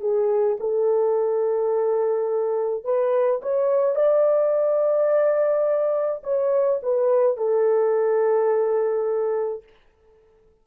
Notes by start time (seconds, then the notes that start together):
0.00 G#4
0.60 A4
2.84 B4
3.42 C#5
3.95 D5
6.23 C#5
6.82 B4
7.37 A4